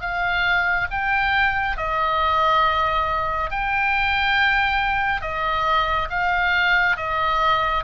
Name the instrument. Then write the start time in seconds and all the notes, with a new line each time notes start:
oboe
0.00 F5
0.90 G5
1.77 D#5
3.50 G5
5.21 D#5
6.09 F5
6.96 D#5